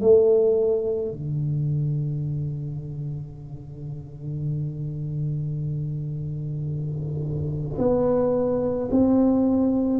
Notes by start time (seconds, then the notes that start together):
0.00 A3
1.11 D3
7.78 B3
8.91 C4